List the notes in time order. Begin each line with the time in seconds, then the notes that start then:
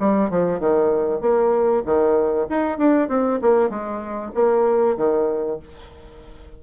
0.00 G3
0.30 F3
0.60 D#3
1.21 A#3
1.86 D#3
2.49 D#4
2.78 D4
3.09 C4
3.42 A#3
3.70 G#3
4.35 A#3
4.97 D#3